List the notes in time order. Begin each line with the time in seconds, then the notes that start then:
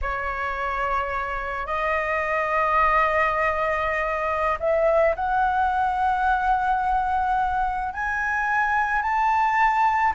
0.02 C#5
1.66 D#5
4.59 E5
5.15 F#5
7.93 G#5
9.02 A5